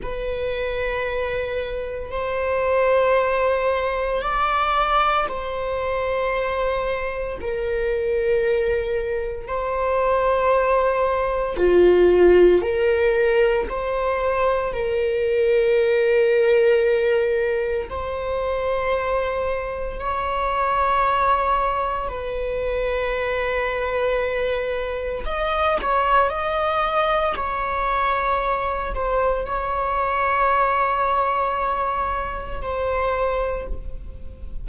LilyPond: \new Staff \with { instrumentName = "viola" } { \time 4/4 \tempo 4 = 57 b'2 c''2 | d''4 c''2 ais'4~ | ais'4 c''2 f'4 | ais'4 c''4 ais'2~ |
ais'4 c''2 cis''4~ | cis''4 b'2. | dis''8 cis''8 dis''4 cis''4. c''8 | cis''2. c''4 | }